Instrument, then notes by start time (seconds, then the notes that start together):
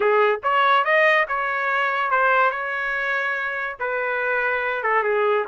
trumpet
0.00 G#4
0.43 C#5
0.84 D#5
1.28 C#5
2.10 C5
2.50 C#5
3.79 B4
4.83 A4
5.03 G#4